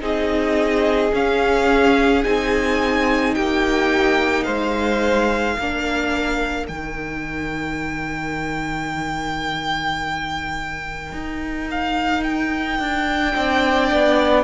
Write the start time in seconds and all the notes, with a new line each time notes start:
0.00 C4 D#4 G#4 D#5
1.13 C#4 F5
2.24 C4 D#4 G#5
3.35 A#3 G4 G5
4.44 G#3 C5 F5
5.54 A#3 A#4
5.61 D4
6.68 D#3 D#4 G5
11.12 D#4
11.71 F5
12.24 G5
12.79 D4
13.34 C4 D4 D5
13.92 B3